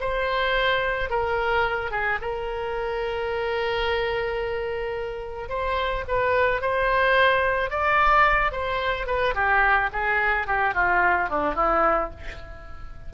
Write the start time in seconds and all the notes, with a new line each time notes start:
0.00 C5
1.10 A#4
1.91 G#4
2.21 A#4
5.49 C5
6.08 B4
6.61 C5
7.70 D5
8.51 C5
9.06 B4
9.34 G4
9.92 G#4
10.47 G4
10.74 F4
11.29 D4
11.55 E4